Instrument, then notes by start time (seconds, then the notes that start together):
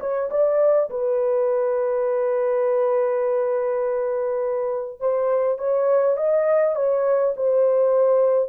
horn
0.00 C#5
0.30 D5
0.90 B4
5.00 C5
5.58 C#5
6.17 D#5
6.76 C#5
7.36 C5